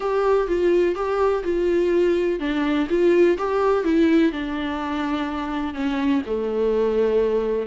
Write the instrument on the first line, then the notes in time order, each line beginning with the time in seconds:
viola
0.00 G4
0.47 F4
0.95 G4
1.43 F4
2.39 D4
2.89 F4
3.38 G4
3.84 E4
4.32 D4
5.73 C#4
6.25 A3